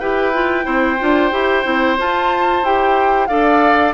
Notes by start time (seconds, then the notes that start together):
0.00 E4 G4 B4 G5
0.34 F4
0.64 C4 E4 C5
1.00 D4 F4
1.31 E4 G4
1.64 C4 E4
1.98 F4 A5
2.63 E4 G4 G5
3.27 D4 A4 D5 F5